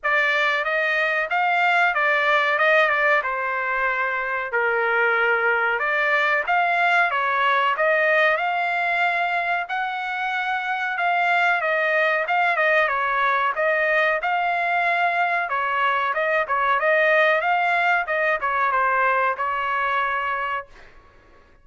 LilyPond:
\new Staff \with { instrumentName = "trumpet" } { \time 4/4 \tempo 4 = 93 d''4 dis''4 f''4 d''4 | dis''8 d''8 c''2 ais'4~ | ais'4 d''4 f''4 cis''4 | dis''4 f''2 fis''4~ |
fis''4 f''4 dis''4 f''8 dis''8 | cis''4 dis''4 f''2 | cis''4 dis''8 cis''8 dis''4 f''4 | dis''8 cis''8 c''4 cis''2 | }